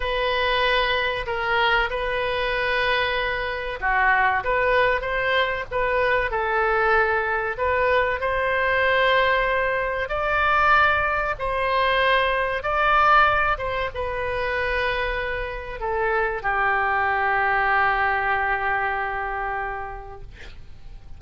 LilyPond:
\new Staff \with { instrumentName = "oboe" } { \time 4/4 \tempo 4 = 95 b'2 ais'4 b'4~ | b'2 fis'4 b'4 | c''4 b'4 a'2 | b'4 c''2. |
d''2 c''2 | d''4. c''8 b'2~ | b'4 a'4 g'2~ | g'1 | }